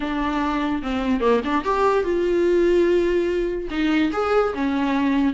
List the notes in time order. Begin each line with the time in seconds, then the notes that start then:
0.00 D4
0.82 C4
1.20 A#3
1.44 D4
1.64 G4
2.04 F4
3.70 D#4
4.12 G#4
4.54 C#4